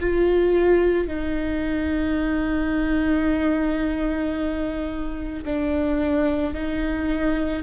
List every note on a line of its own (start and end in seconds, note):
0.00 1.08 F4
1.08 5.44 D#4
5.45 6.54 D4
6.54 7.63 D#4